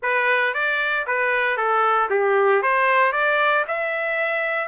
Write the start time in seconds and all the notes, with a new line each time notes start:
0.02 B4
0.54 D5
1.06 B4
1.57 A4
2.10 G4
2.62 C5
3.12 D5
3.67 E5